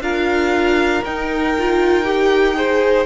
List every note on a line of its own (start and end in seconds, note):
0.00 1.02 D4
0.00 1.03 F4
0.00 2.56 A#4
0.00 1.03 F5
1.04 3.05 D#4
1.04 1.56 D#4
1.04 3.05 G5
1.58 2.04 F4
2.04 2.54 G4
2.54 3.05 G#4
2.54 3.05 C5